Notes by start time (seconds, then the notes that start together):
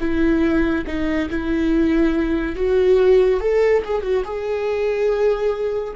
0.00 E4
0.87 D#4
1.30 E4
2.56 F#4
3.40 A4
3.85 G#4
4.02 F#4
4.25 G#4